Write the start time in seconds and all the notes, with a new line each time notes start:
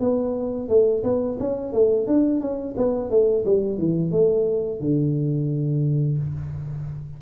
0.00 B3
0.69 A3
1.04 B3
1.40 C#4
1.73 A3
2.07 D4
2.41 C#4
2.77 B3
3.11 A3
3.45 G3
3.79 E3
4.12 A3
4.81 D3